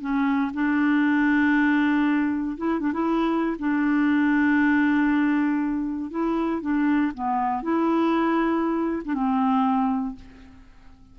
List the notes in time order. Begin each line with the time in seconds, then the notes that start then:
0.00 C#4
0.53 D4
2.57 E4
2.79 D4
2.92 E4
3.58 D4
6.10 E4
6.61 D4
7.14 B3
7.62 E4
9.04 D4
9.13 C4